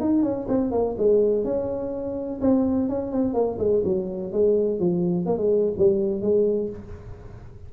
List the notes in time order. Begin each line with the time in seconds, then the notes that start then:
0.00 D#4
0.22 C#4
0.48 C4
0.71 A#3
0.98 G#3
1.44 C#4
2.41 C4
2.89 C#4
3.12 C4
3.34 A#3
3.58 G#3
3.84 F#3
4.32 G#3
4.79 F3
5.26 A#3
5.37 G#3
5.78 G3
6.21 G#3